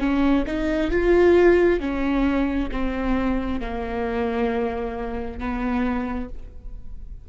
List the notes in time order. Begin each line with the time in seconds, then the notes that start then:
0.00 C#4
0.47 D#4
0.91 F4
1.80 C#4
2.72 C4
3.61 A#3
5.39 B3